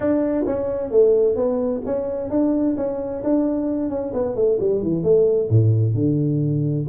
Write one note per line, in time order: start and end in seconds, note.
0.00 0.45 D4
0.46 0.91 C#4
0.91 1.35 A3
1.35 1.81 B3
1.85 2.30 C#4
2.30 2.75 D4
2.76 3.22 C#4
3.23 3.89 D4
3.89 4.12 C#4
4.13 4.35 B3
4.35 4.58 A3
4.59 4.82 G3
4.82 5.03 E3
5.03 5.49 A3
5.49 5.94 A2
5.94 6.86 D3